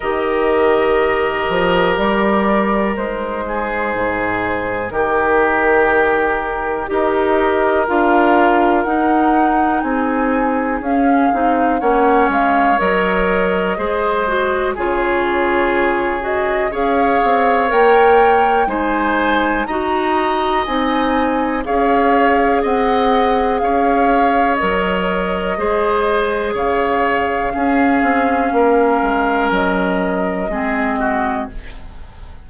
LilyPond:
<<
  \new Staff \with { instrumentName = "flute" } { \time 4/4 \tempo 4 = 61 dis''2 d''4 c''4~ | c''4 ais'2 dis''4 | f''4 fis''4 gis''4 f''4 | fis''8 f''8 dis''2 cis''4~ |
cis''8 dis''8 f''4 g''4 gis''4 | ais''4 gis''4 f''4 fis''4 | f''4 dis''2 f''4~ | f''2 dis''2 | }
  \new Staff \with { instrumentName = "oboe" } { \time 4/4 ais'2.~ ais'8 gis'8~ | gis'4 g'2 ais'4~ | ais'2 gis'2 | cis''2 c''4 gis'4~ |
gis'4 cis''2 c''4 | dis''2 cis''4 dis''4 | cis''2 c''4 cis''4 | gis'4 ais'2 gis'8 fis'8 | }
  \new Staff \with { instrumentName = "clarinet" } { \time 4/4 g'2. dis'4~ | dis'2. g'4 | f'4 dis'2 cis'8 dis'8 | cis'4 ais'4 gis'8 fis'8 f'4~ |
f'8 fis'8 gis'4 ais'4 dis'4 | fis'4 dis'4 gis'2~ | gis'4 ais'4 gis'2 | cis'2. c'4 | }
  \new Staff \with { instrumentName = "bassoon" } { \time 4/4 dis4. f8 g4 gis4 | gis,4 dis2 dis'4 | d'4 dis'4 c'4 cis'8 c'8 | ais8 gis8 fis4 gis4 cis4~ |
cis4 cis'8 c'8 ais4 gis4 | dis'4 c'4 cis'4 c'4 | cis'4 fis4 gis4 cis4 | cis'8 c'8 ais8 gis8 fis4 gis4 | }
>>